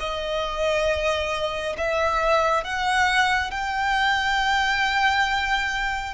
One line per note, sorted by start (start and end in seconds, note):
0.00 1.76 D#5
1.78 2.64 E5
2.64 3.51 F#5
3.51 6.14 G5